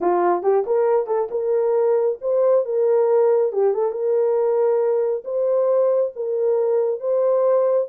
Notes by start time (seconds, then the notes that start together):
0.01 F4
0.42 G4
0.66 A#4
1.06 A4
1.30 A#4
2.21 C5
2.65 A#4
3.52 G4
3.73 A4
3.91 A#4
5.24 C5
6.15 A#4
7.00 C5